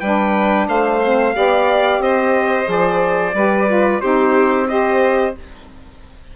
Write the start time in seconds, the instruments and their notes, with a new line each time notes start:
0.00 bassoon G3, saxophone D4, violin B4, trumpet G5
0.68 bassoon A3, violin C5, trumpet F5
1.02 saxophone C4
1.34 bassoon B3, saxophone G4, violin D5
1.99 bassoon C4, violin C5, trumpet D#5
2.65 bassoon F3, saxophone G#4, trumpet D5
3.34 bassoon G3, saxophone G4, violin B4
3.67 saxophone F4
4.01 bassoon C4, saxophone D#4, violin G4, trumpet C5
4.68 saxophone G4, violin C5, trumpet D#5